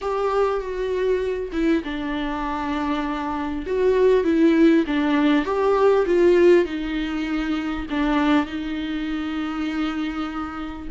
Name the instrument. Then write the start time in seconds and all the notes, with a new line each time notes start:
viola
0.01 G4
0.60 F#4
1.52 E4
1.83 D4
3.66 F#4
4.24 E4
4.87 D4
5.45 G4
6.06 F4
6.65 D#4
7.90 D4
8.45 D#4